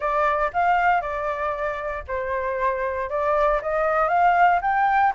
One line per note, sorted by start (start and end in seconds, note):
0.00 0.51 D5
0.53 1.01 F5
1.01 2.03 D5
2.07 3.09 C5
3.09 3.61 D5
3.62 4.08 D#5
4.08 4.59 F5
4.61 5.13 G5